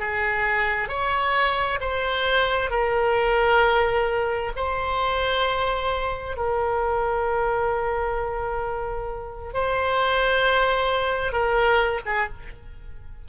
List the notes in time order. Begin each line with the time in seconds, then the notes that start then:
0.00 G#4
0.89 C#5
1.81 C5
2.71 A#4
4.57 C5
6.37 A#4
9.54 C5
11.33 A#4
12.06 G#4